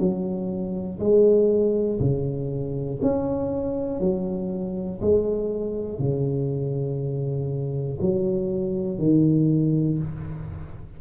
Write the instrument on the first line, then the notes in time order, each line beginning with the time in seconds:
tuba
0.00 F#3
1.00 G#3
2.01 C#3
3.03 C#4
4.00 F#3
5.01 G#3
5.99 C#3
8.01 F#3
8.99 D#3